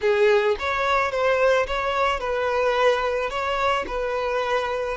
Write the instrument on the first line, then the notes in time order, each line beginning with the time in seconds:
violin
0.01 G#4
0.59 C#5
1.11 C5
1.66 C#5
2.20 B4
3.30 C#5
3.87 B4